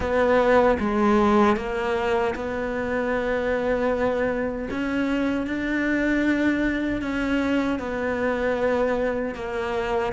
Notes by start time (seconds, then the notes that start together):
0.00 B3
0.79 G#3
1.56 A#3
2.35 B3
4.70 C#4
5.46 D4
7.01 C#4
7.79 B3
9.35 A#3